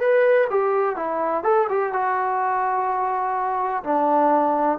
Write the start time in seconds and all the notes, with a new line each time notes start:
0.00 B4
0.50 G4
0.96 E4
1.44 A4
1.69 G4
1.93 F#4
3.84 D4